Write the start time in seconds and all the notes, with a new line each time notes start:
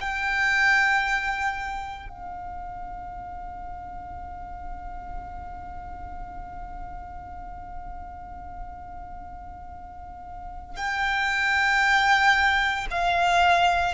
0.00 G5
2.09 F5
10.76 G5
12.90 F5